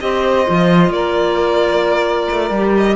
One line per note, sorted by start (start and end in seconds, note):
0.00 0.47 C4
0.00 0.46 G4
0.00 0.92 C5
0.00 0.92 D#5
0.46 0.90 F3
0.46 2.52 F4
0.90 2.27 A#3
0.90 2.96 A#4
0.90 2.75 D5
2.31 2.50 A3
2.50 2.96 G3
2.50 2.96 G4
2.77 2.96 D#5